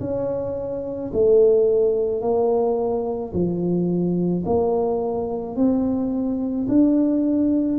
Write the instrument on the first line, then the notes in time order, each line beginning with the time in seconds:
tuba
0.00 C#4
1.13 A3
2.21 A#3
3.33 F3
4.45 A#3
5.56 C4
6.68 D4